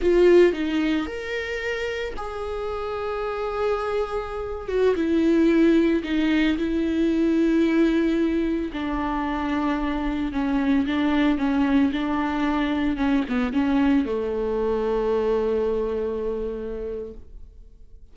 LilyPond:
\new Staff \with { instrumentName = "viola" } { \time 4/4 \tempo 4 = 112 f'4 dis'4 ais'2 | gis'1~ | gis'8. fis'8 e'2 dis'8.~ | dis'16 e'2.~ e'8.~ |
e'16 d'2. cis'8.~ | cis'16 d'4 cis'4 d'4.~ d'16~ | d'16 cis'8 b8 cis'4 a4.~ a16~ | a1 | }